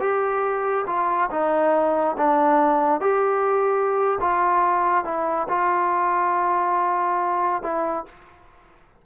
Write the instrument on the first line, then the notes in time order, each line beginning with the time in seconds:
trombone
0.00 G4
0.87 F4
1.31 D#4
2.17 D4
3.01 G4
4.21 F4
5.05 E4
5.49 F4
7.62 E4